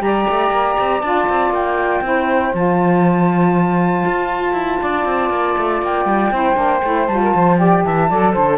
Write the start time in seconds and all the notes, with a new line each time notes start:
0.00 G3 G4 D5 A#5
0.30 A3
0.50 A#3
0.80 C4
1.01 D4 F4 A5
1.29 C4
1.50 A#3 G5
2.01 C4 E4 C5
2.54 F3 F4 A5
4.06 F4
4.53 E4
4.81 D4 D5
5.05 C4
5.30 A#3
5.58 A3
5.82 A#3 G5
6.05 G3
6.31 C4 E4 C5
6.55 A#3 D4
6.83 A3 E4
7.07 G3 F4 A5
7.22 A#4
7.35 F3 C5
7.58 G4 D5 G5
7.84 E3 E5 A5
8.09 F#3 A4 D5
8.33 D3 C5